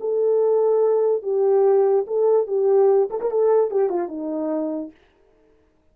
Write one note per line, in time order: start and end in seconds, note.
0.00 1.23 A4
1.23 2.05 G4
2.07 2.47 A4
2.47 3.09 G4
3.10 3.20 A4
3.21 3.31 A#4
3.31 3.71 A4
3.71 3.89 G4
3.89 4.08 F4
4.08 4.91 D#4